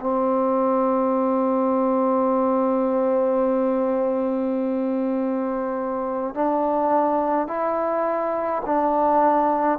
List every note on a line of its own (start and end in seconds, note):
0.00 6.35 C4
6.35 7.47 D4
7.47 8.63 E4
8.66 9.79 D4